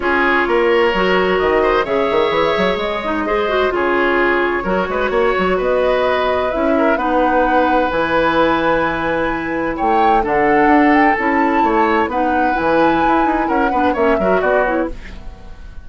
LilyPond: <<
  \new Staff \with { instrumentName = "flute" } { \time 4/4 \tempo 4 = 129 cis''2. dis''4 | e''2 dis''2 | cis''1 | dis''2 e''4 fis''4~ |
fis''4 gis''2.~ | gis''4 g''4 fis''4. g''8 | a''2 fis''4 gis''4~ | gis''4 fis''4 e''4 d''8 cis''8 | }
  \new Staff \with { instrumentName = "oboe" } { \time 4/4 gis'4 ais'2~ ais'8 c''8 | cis''2. c''4 | gis'2 ais'8 b'8 cis''4 | b'2~ b'8 ais'8 b'4~ |
b'1~ | b'4 cis''4 a'2~ | a'4 cis''4 b'2~ | b'4 ais'8 b'8 cis''8 ais'8 fis'4 | }
  \new Staff \with { instrumentName = "clarinet" } { \time 4/4 f'2 fis'2 | gis'2~ gis'8 dis'8 gis'8 fis'8 | f'2 fis'2~ | fis'2 e'4 dis'4~ |
dis'4 e'2.~ | e'2 d'2 | e'2 dis'4 e'4~ | e'4. d'8 cis'8 fis'4 e'8 | }
  \new Staff \with { instrumentName = "bassoon" } { \time 4/4 cis'4 ais4 fis4 dis4 | cis8 dis8 e8 fis8 gis2 | cis2 fis8 gis8 ais8 fis8 | b2 cis'4 b4~ |
b4 e2.~ | e4 a4 d4 d'4 | cis'4 a4 b4 e4 | e'8 dis'8 cis'8 b8 ais8 fis8 b4 | }
>>